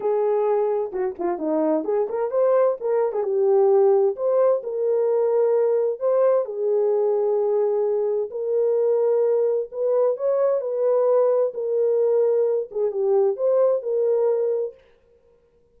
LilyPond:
\new Staff \with { instrumentName = "horn" } { \time 4/4 \tempo 4 = 130 gis'2 fis'8 f'8 dis'4 | gis'8 ais'8 c''4 ais'8. gis'16 g'4~ | g'4 c''4 ais'2~ | ais'4 c''4 gis'2~ |
gis'2 ais'2~ | ais'4 b'4 cis''4 b'4~ | b'4 ais'2~ ais'8 gis'8 | g'4 c''4 ais'2 | }